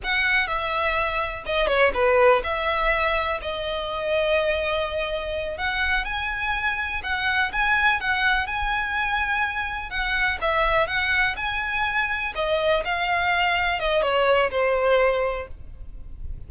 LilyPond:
\new Staff \with { instrumentName = "violin" } { \time 4/4 \tempo 4 = 124 fis''4 e''2 dis''8 cis''8 | b'4 e''2 dis''4~ | dis''2.~ dis''8 fis''8~ | fis''8 gis''2 fis''4 gis''8~ |
gis''8 fis''4 gis''2~ gis''8~ | gis''8 fis''4 e''4 fis''4 gis''8~ | gis''4. dis''4 f''4.~ | f''8 dis''8 cis''4 c''2 | }